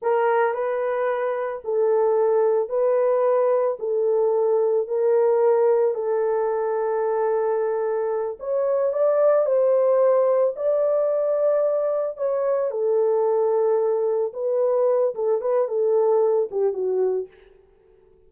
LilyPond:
\new Staff \with { instrumentName = "horn" } { \time 4/4 \tempo 4 = 111 ais'4 b'2 a'4~ | a'4 b'2 a'4~ | a'4 ais'2 a'4~ | a'2.~ a'8 cis''8~ |
cis''8 d''4 c''2 d''8~ | d''2~ d''8 cis''4 a'8~ | a'2~ a'8 b'4. | a'8 b'8 a'4. g'8 fis'4 | }